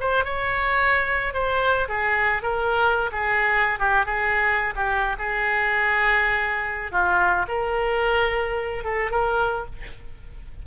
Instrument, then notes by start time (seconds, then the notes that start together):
oboe
0.00 C5
0.24 C#5
1.33 C5
1.88 G#4
2.42 A#4
3.12 G#4
3.79 G4
4.05 G#4
4.76 G4
5.18 G#4
6.91 F4
7.48 A#4
8.84 A4
9.11 A#4